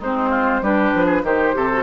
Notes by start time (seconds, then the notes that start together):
0.00 G#3 C4 D#4 C5
0.30 F4
0.62 G3 D4 G4 B4
0.95 F3
1.06 G#4
1.23 D#3 D#4 G4 C5
1.54 C3 G4 A4
1.73 F#4